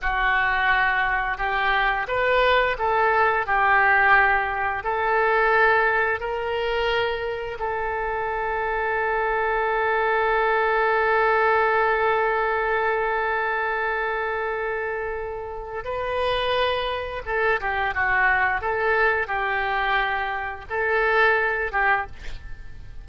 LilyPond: \new Staff \with { instrumentName = "oboe" } { \time 4/4 \tempo 4 = 87 fis'2 g'4 b'4 | a'4 g'2 a'4~ | a'4 ais'2 a'4~ | a'1~ |
a'1~ | a'2. b'4~ | b'4 a'8 g'8 fis'4 a'4 | g'2 a'4. g'8 | }